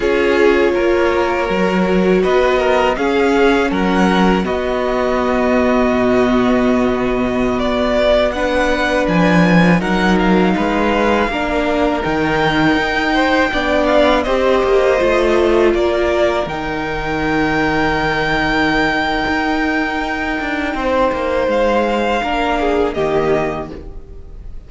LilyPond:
<<
  \new Staff \with { instrumentName = "violin" } { \time 4/4 \tempo 4 = 81 cis''2. dis''4 | f''4 fis''4 dis''2~ | dis''2~ dis''16 d''4 fis''8.~ | fis''16 gis''4 fis''8 f''2~ f''16~ |
f''16 g''2~ g''8 f''8 dis''8.~ | dis''4~ dis''16 d''4 g''4.~ g''16~ | g''1~ | g''4 f''2 dis''4 | }
  \new Staff \with { instrumentName = "violin" } { \time 4/4 gis'4 ais'2 b'8 ais'8 | gis'4 ais'4 fis'2~ | fis'2.~ fis'16 b'8.~ | b'4~ b'16 ais'4 b'4 ais'8.~ |
ais'4.~ ais'16 c''8 d''4 c''8.~ | c''4~ c''16 ais'2~ ais'8.~ | ais'1 | c''2 ais'8 gis'8 g'4 | }
  \new Staff \with { instrumentName = "viola" } { \time 4/4 f'2 fis'2 | cis'2 b2~ | b2.~ b16 d'8.~ | d'4~ d'16 dis'2 d'8.~ |
d'16 dis'2 d'4 g'8.~ | g'16 f'2 dis'4.~ dis'16~ | dis'1~ | dis'2 d'4 ais4 | }
  \new Staff \with { instrumentName = "cello" } { \time 4/4 cis'4 ais4 fis4 b4 | cis'4 fis4 b2 | b,2~ b,16 b4.~ b16~ | b16 f4 fis4 gis4 ais8.~ |
ais16 dis4 dis'4 b4 c'8 ais16~ | ais16 a4 ais4 dis4.~ dis16~ | dis2 dis'4. d'8 | c'8 ais8 gis4 ais4 dis4 | }
>>